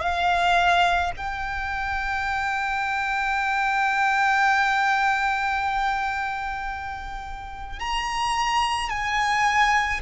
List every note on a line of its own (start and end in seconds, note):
0.00 1.11 F5
1.16 7.79 G5
7.79 8.89 A#5
8.89 10.00 G#5